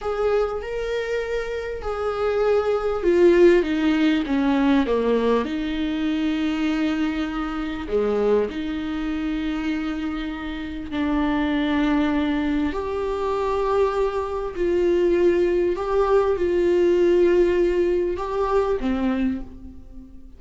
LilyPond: \new Staff \with { instrumentName = "viola" } { \time 4/4 \tempo 4 = 99 gis'4 ais'2 gis'4~ | gis'4 f'4 dis'4 cis'4 | ais4 dis'2.~ | dis'4 gis4 dis'2~ |
dis'2 d'2~ | d'4 g'2. | f'2 g'4 f'4~ | f'2 g'4 c'4 | }